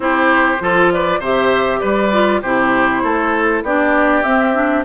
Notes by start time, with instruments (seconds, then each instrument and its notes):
0.00 bassoon C4, clarinet E4, oboe G4, flute C5
0.60 bassoon F3, clarinet F4, oboe A4
0.92 oboe B4, flute D5
1.19 bassoon C3, clarinet G4, oboe C5, flute E5
1.80 bassoon G3, oboe B4, flute D5
2.11 clarinet F4
2.42 bassoon C3, clarinet E4, oboe G4, flute C5
3.03 bassoon A3, oboe A4
3.62 bassoon B3, clarinet D4, oboe G4, flute D5
4.23 clarinet C4, bassoon C4, flute E5
4.54 clarinet D4